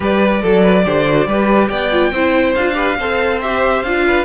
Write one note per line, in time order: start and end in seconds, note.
0.00 0.43 G3
0.00 0.41 G4
0.00 0.42 B4
0.00 1.68 D5
0.42 0.86 F#3
0.42 0.62 A4
0.42 0.84 A4
0.62 0.83 B4
0.84 1.27 D3
0.84 1.05 G4
0.84 1.27 C5
1.08 1.27 F#4
1.27 1.69 G3
1.27 1.91 G4
1.27 1.69 B4
1.68 2.11 B3
1.68 2.11 D5
1.68 2.53 G5
1.91 2.12 F4
2.11 2.54 C4
2.11 2.57 E4
2.11 2.76 C5
2.55 2.99 D4
2.55 2.73 F4
2.55 3.40 F5
2.73 2.95 G4
2.73 2.97 B4
2.98 3.83 C4
2.98 3.42 A4
2.98 4.05 C5
3.41 3.84 G4
3.41 3.82 E5
3.82 4.24 D4
3.82 4.24 F4
3.82 4.24 F5
4.06 4.24 B4